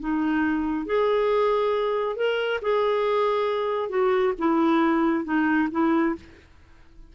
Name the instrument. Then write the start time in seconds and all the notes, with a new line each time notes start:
clarinet
0.00 D#4
0.86 G#4
2.16 A#4
2.62 G#4
3.89 F#4
4.39 E4
5.25 D#4
5.71 E4